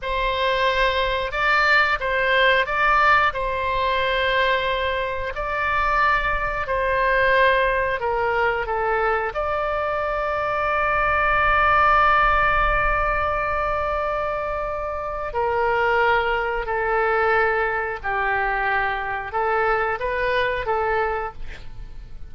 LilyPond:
\new Staff \with { instrumentName = "oboe" } { \time 4/4 \tempo 4 = 90 c''2 d''4 c''4 | d''4 c''2. | d''2 c''2 | ais'4 a'4 d''2~ |
d''1~ | d''2. ais'4~ | ais'4 a'2 g'4~ | g'4 a'4 b'4 a'4 | }